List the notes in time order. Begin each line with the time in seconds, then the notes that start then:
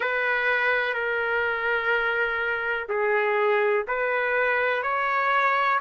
0.00 B4
0.94 A#4
2.88 G#4
3.87 B4
4.82 C#5